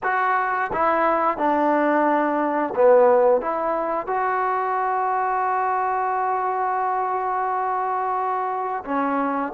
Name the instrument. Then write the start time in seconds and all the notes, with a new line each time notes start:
trombone
0.03 F#4
0.72 E4
1.37 D4
2.75 B3
3.41 E4
4.06 F#4
8.85 C#4